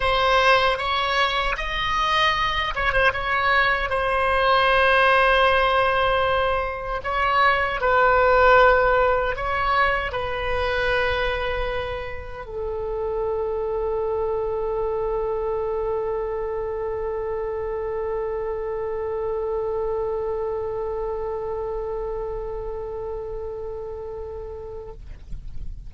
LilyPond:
\new Staff \with { instrumentName = "oboe" } { \time 4/4 \tempo 4 = 77 c''4 cis''4 dis''4. cis''16 c''16 | cis''4 c''2.~ | c''4 cis''4 b'2 | cis''4 b'2. |
a'1~ | a'1~ | a'1~ | a'1 | }